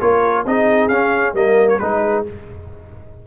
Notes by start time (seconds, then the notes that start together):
0.00 A#3 F4 A#4 C#5
0.44 C4 D#4 G#4 D#5
0.89 C#4 F5
1.34 G3 A#3 A#4 D#5
1.69 C#5
1.79 G#3 D#4 G#4 B4